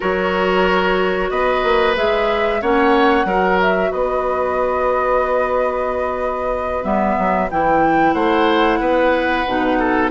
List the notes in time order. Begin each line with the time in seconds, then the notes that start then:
0.00 F#3 F#4 A#4 C#5
1.30 B3 B4 D#5
1.63 A#3
1.96 G#3 G#4 E5
2.61 A#3 C#4 C#5 F#5
3.25 F#3 F#4 A#4
3.60 E5
3.90 B3 B4 D#5
6.83 G3 B3 E5
7.18 F#3
7.50 E3 E4 G5
8.13 A3 C5 F#5
8.80 B3 B4
9.46 B2 D#4
9.79 A4